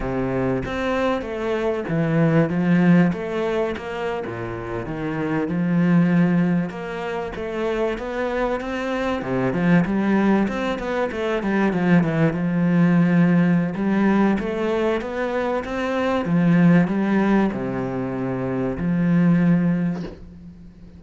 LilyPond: \new Staff \with { instrumentName = "cello" } { \time 4/4 \tempo 4 = 96 c4 c'4 a4 e4 | f4 a4 ais8. ais,4 dis16~ | dis8. f2 ais4 a16~ | a8. b4 c'4 c8 f8 g16~ |
g8. c'8 b8 a8 g8 f8 e8 f16~ | f2 g4 a4 | b4 c'4 f4 g4 | c2 f2 | }